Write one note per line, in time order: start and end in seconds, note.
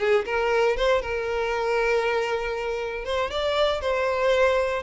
0.00 0.25 G#4
0.26 0.77 A#4
0.77 1.02 C5
1.02 3.06 A#4
3.06 3.31 C5
3.31 3.82 D5
3.82 4.83 C5